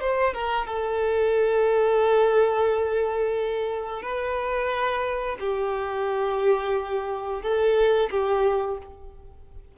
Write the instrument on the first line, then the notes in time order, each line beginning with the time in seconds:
violin
0.00 C5
0.33 A#4
0.66 A4
4.02 B4
5.40 G4
7.42 A4
8.10 G4